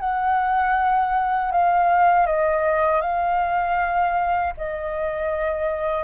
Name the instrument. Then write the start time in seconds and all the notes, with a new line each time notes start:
flute
0.00 F#5
1.52 F5
2.26 D#5
3.02 F5
4.57 D#5